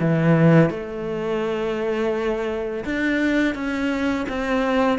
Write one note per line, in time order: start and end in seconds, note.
0.00 0.70 E3
0.70 2.84 A3
2.85 3.55 D4
3.55 4.26 C#4
4.29 4.99 C4